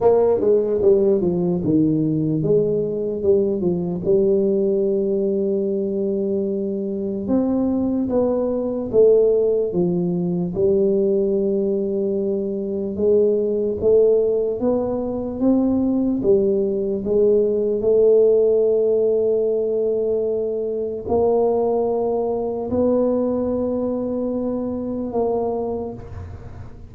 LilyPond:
\new Staff \with { instrumentName = "tuba" } { \time 4/4 \tempo 4 = 74 ais8 gis8 g8 f8 dis4 gis4 | g8 f8 g2.~ | g4 c'4 b4 a4 | f4 g2. |
gis4 a4 b4 c'4 | g4 gis4 a2~ | a2 ais2 | b2. ais4 | }